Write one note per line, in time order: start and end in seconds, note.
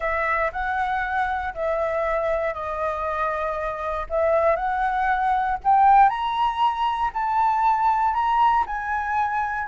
0.00 0.51 E5
0.52 1.53 F#5
1.54 2.54 E5
2.54 4.06 D#5
4.09 4.56 E5
4.56 5.57 F#5
5.64 6.09 G5
6.09 7.10 A#5
7.13 8.13 A5
8.13 8.64 A#5
8.66 9.67 G#5